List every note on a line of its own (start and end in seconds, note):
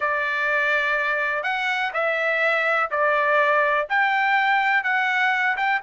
0.00 1.43 D5
1.43 1.91 F#5
1.93 2.90 E5
2.90 3.87 D5
3.89 4.83 G5
4.83 5.56 F#5
5.56 5.80 G5